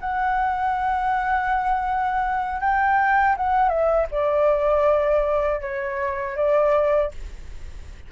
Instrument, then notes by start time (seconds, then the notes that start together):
flute
0.00 F#5
2.60 G5
3.36 F#5
3.69 E5
4.11 D5
5.60 C#5
6.36 D5